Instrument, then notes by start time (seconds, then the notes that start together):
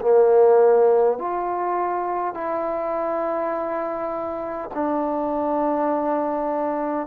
trombone
0.00 A#3
1.18 F4
2.34 E4
4.74 D4